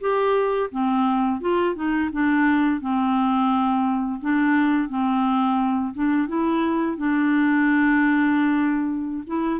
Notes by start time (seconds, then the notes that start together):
0.00 G4
0.71 C4
1.40 F4
1.75 D#4
2.12 D4
2.80 C4
4.21 D4
4.89 C4
5.94 D4
6.28 E4
6.97 D4
9.26 E4